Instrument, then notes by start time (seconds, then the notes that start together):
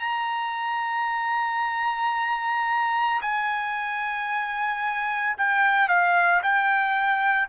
trumpet
0.00 A#5
3.22 G#5
5.38 G5
5.88 F5
6.43 G5